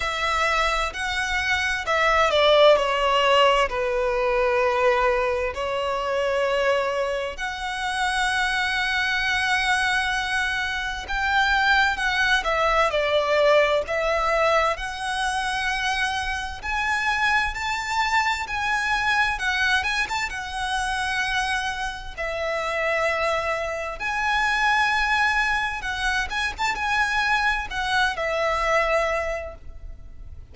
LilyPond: \new Staff \with { instrumentName = "violin" } { \time 4/4 \tempo 4 = 65 e''4 fis''4 e''8 d''8 cis''4 | b'2 cis''2 | fis''1 | g''4 fis''8 e''8 d''4 e''4 |
fis''2 gis''4 a''4 | gis''4 fis''8 gis''16 a''16 fis''2 | e''2 gis''2 | fis''8 gis''16 a''16 gis''4 fis''8 e''4. | }